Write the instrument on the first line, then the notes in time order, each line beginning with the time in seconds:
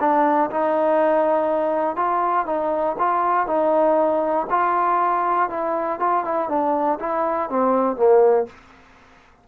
trombone
0.00 D4
0.50 D#4
1.96 F4
2.46 D#4
2.98 F4
3.47 D#4
4.50 F4
5.50 E4
6.00 F4
6.25 E4
6.49 D4
7.00 E4
7.50 C4
7.96 A#3